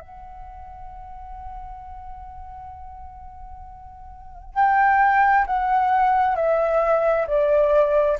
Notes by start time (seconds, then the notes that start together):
0.00 F#5
4.54 G5
5.46 F#5
6.36 E5
7.27 D5